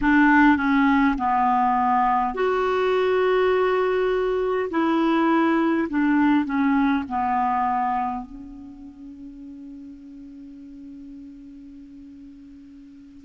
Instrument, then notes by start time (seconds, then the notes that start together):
clarinet
0.01 D4
0.56 C#4
1.18 B3
2.34 F#4
4.70 E4
5.89 D4
6.44 C#4
7.08 B3
8.25 C#4